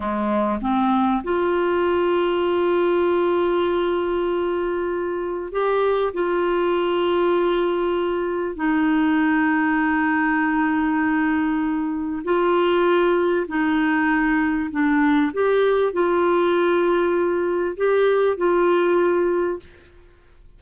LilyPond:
\new Staff \with { instrumentName = "clarinet" } { \time 4/4 \tempo 4 = 98 gis4 c'4 f'2~ | f'1~ | f'4 g'4 f'2~ | f'2 dis'2~ |
dis'1 | f'2 dis'2 | d'4 g'4 f'2~ | f'4 g'4 f'2 | }